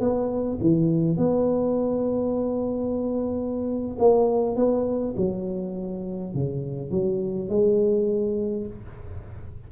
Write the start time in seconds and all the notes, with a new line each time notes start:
0.00 B3
0.61 E3
1.17 B3
3.99 A#3
4.56 B3
5.17 F#3
6.34 C#3
6.91 F#3
7.49 G#3